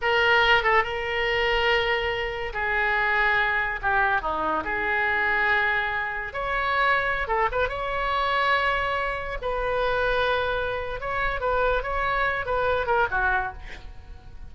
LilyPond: \new Staff \with { instrumentName = "oboe" } { \time 4/4 \tempo 4 = 142 ais'4. a'8 ais'2~ | ais'2 gis'2~ | gis'4 g'4 dis'4 gis'4~ | gis'2. cis''4~ |
cis''4~ cis''16 a'8 b'8 cis''4.~ cis''16~ | cis''2~ cis''16 b'4.~ b'16~ | b'2 cis''4 b'4 | cis''4. b'4 ais'8 fis'4 | }